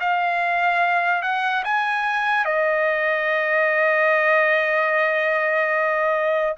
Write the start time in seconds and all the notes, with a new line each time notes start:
0.00 F5
1.22 F#5
1.64 G#5
2.45 D#5